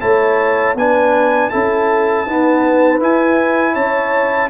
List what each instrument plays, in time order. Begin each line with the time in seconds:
0.00 tuba A3, trombone E4, horn C#5, trumpet A5
0.75 tuba B3, trombone D4, horn B4, trumpet G#5
1.49 tuba C#4, trombone E4, horn A4, trumpet A5
2.26 trombone B3, tuba D#4, horn B4
3.00 trombone E4, tuba E4, trumpet G#5
3.73 tuba C#4, horn C#5, trumpet A5